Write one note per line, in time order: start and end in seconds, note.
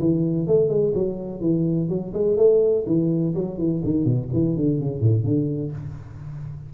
0.00 0.47 E3
0.47 0.69 A3
0.69 0.93 G#3
0.95 1.41 F#3
1.41 1.89 E3
1.89 2.13 F#3
2.14 2.37 G#3
2.37 2.85 A3
2.86 3.34 E3
3.35 3.58 F#3
3.58 3.82 E3
3.84 4.05 D#3
4.05 4.29 B2
4.33 4.57 E3
4.57 4.81 D3
4.81 5.01 C#3
5.01 5.24 A2
5.24 5.72 D3